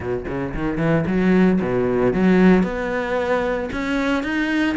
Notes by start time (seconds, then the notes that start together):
0.00 B2
0.27 C#3
0.54 D#3
0.77 E3
1.06 F#3
1.61 B2
2.13 F#3
2.63 B3
3.72 C#4
4.23 D#4